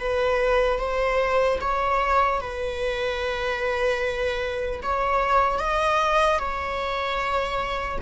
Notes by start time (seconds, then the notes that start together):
0.00 B4
0.80 C5
1.61 C#5
2.41 B4
4.83 C#5
5.60 D#5
6.39 C#5